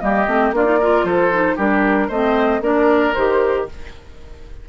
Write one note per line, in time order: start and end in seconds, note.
0.00 0.27 G3
0.00 0.26 A#3
0.00 0.55 G4
0.00 0.52 D#5
0.27 0.52 A3
0.27 0.54 C4
0.52 1.04 A#3
0.52 0.65 D4
0.52 0.79 F4
0.52 1.05 D5
0.65 0.78 D#4
0.79 1.32 F4
0.79 1.06 A#4
1.04 1.56 F3
1.04 1.56 A4
1.04 1.57 C5
1.32 1.58 D#4
1.56 2.09 G3
1.56 2.10 D4
1.56 2.08 G4
1.56 2.10 A#4
2.08 2.61 A3
2.08 2.62 C4
2.08 2.60 C5
2.08 2.62 D#5
2.61 3.13 A#3
2.61 3.14 D4
2.61 3.68 A#4
2.61 3.14 D5
3.14 3.69 D#3
3.14 3.69 G4
3.14 3.66 C5